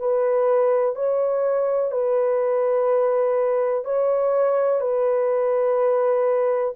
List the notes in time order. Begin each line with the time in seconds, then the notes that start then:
0.00 B4
0.96 C#5
1.92 B4
3.85 C#5
4.81 B4